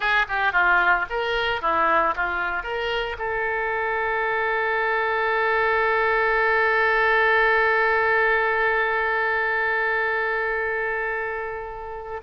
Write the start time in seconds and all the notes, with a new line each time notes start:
0.00 G#4
0.28 G4
0.52 F4
1.09 A#4
1.61 E4
2.15 F4
2.63 A#4
3.18 A4